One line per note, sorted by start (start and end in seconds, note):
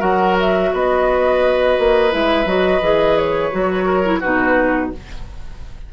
0.00 0.72 F#3
0.00 2.10 F#4
0.00 0.70 A#4
0.00 0.36 F#5
0.40 0.75 E5
0.73 1.78 B3
0.73 3.86 B4
0.73 2.14 D#5
1.79 2.14 A#3
2.11 2.45 G#3
2.11 2.46 E4
2.11 2.48 E5
2.45 2.80 F#3
2.45 2.82 F#4
2.45 3.18 D#5
2.81 3.51 E3
2.81 3.51 G#4
3.18 4.22 C#5
3.51 4.23 F#3
3.51 4.04 F#4
3.86 4.20 A#4
4.04 4.22 E4
4.20 4.93 B2
4.20 4.93 D#4
4.20 4.90 F#4
4.20 4.92 B4